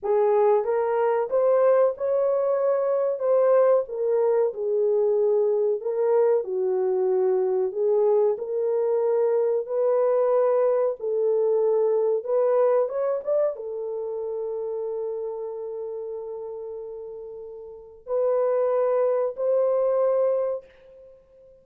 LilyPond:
\new Staff \with { instrumentName = "horn" } { \time 4/4 \tempo 4 = 93 gis'4 ais'4 c''4 cis''4~ | cis''4 c''4 ais'4 gis'4~ | gis'4 ais'4 fis'2 | gis'4 ais'2 b'4~ |
b'4 a'2 b'4 | cis''8 d''8 a'2.~ | a'1 | b'2 c''2 | }